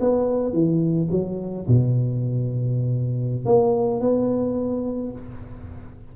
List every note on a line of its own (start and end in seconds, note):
0.00 0.53 B3
0.53 1.09 E3
1.11 1.67 F#3
1.68 3.45 B2
3.45 4.01 A#3
4.01 5.12 B3